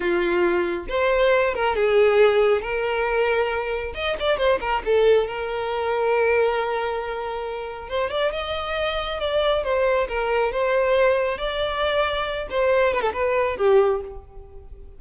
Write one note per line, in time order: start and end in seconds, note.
0.00 0.86 F4
0.88 1.54 C5
1.54 1.75 A#4
1.75 2.61 G#4
2.61 3.93 A#4
3.94 4.16 D#5
4.19 4.37 D5
4.37 4.59 C5
4.60 4.82 A#4
4.85 5.27 A4
5.27 7.88 A#4
7.88 8.10 C5
8.10 8.32 D5
8.32 9.19 D#5
9.19 9.63 D5
9.63 10.07 C5
10.08 10.51 A#4
10.51 11.38 C5
11.38 12.47 D5
12.49 12.93 C5
12.93 13.01 B4
13.01 13.12 A4
13.13 13.57 B4
13.57 14.01 G4